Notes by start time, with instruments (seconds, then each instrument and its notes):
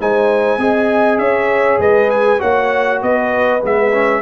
0.00 tuba G#3, trombone D#4, horn C5, trumpet G#5
0.58 tuba C4, trombone G#4, horn D#5
1.18 tuba C#4, horn C#5, trumpet E5
1.79 tuba G#3, horn B4, trumpet D#5
2.10 trumpet G#5
2.39 tuba A#3, trombone F#4, horn C#5, trumpet F#5
3.02 tuba B3, horn B4, trumpet D#5
3.61 tuba G#3, trombone B3, trumpet E5
3.93 trombone C#4